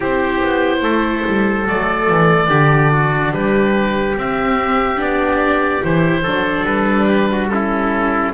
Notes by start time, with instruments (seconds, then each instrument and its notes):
0.00 double bass C4, viola E4, trumpet G4, oboe C5
0.43 double bass B3
0.81 double bass A3, trumpet A4
1.26 double bass G3
1.68 double bass F#3, viola A3, oboe D5
2.09 double bass E3
2.48 double bass D3, viola D4, trumpet G4
2.91 trumpet F#4
3.32 double bass G3, trumpet G4, oboe B4
4.16 viola C4, double bass C4, oboe E5
4.96 double bass B3, viola D4, oboe D5
5.83 double bass E3, viola E4, oboe C5
6.22 double bass F#3, viola D4, trumpet A4
6.63 double bass G3, oboe B4
7.07 trumpet G4
7.31 trumpet F#4
7.48 viola C#4, oboe A4
7.54 trumpet E4